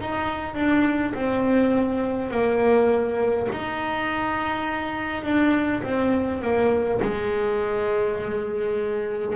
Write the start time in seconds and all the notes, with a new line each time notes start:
0.00 D#4
0.54 D4
1.14 C4
2.30 A#3
3.52 D#4
5.23 D4
5.82 C4
6.41 A#3
7.02 G#3